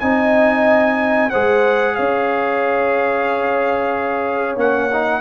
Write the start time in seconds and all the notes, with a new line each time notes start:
0.00 C4 D#4 D#5 G#5
1.30 G#3 G#4 C5 F#5
1.95 C#4 C#5 F5
4.56 A#3 C#4 F#5
4.92 D#4